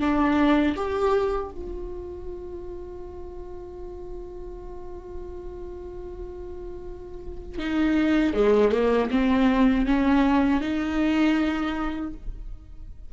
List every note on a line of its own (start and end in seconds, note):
0.00 0.76 D4
0.76 1.52 G4
1.52 7.59 F4
7.59 8.34 D#4
8.34 8.72 G#3
8.72 9.10 A#3
9.11 9.87 C4
9.87 10.61 C#4
10.61 12.13 D#4